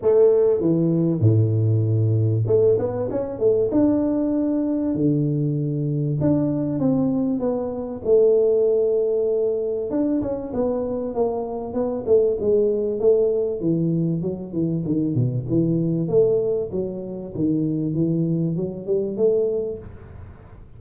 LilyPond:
\new Staff \with { instrumentName = "tuba" } { \time 4/4 \tempo 4 = 97 a4 e4 a,2 | a8 b8 cis'8 a8 d'2 | d2 d'4 c'4 | b4 a2. |
d'8 cis'8 b4 ais4 b8 a8 | gis4 a4 e4 fis8 e8 | dis8 b,8 e4 a4 fis4 | dis4 e4 fis8 g8 a4 | }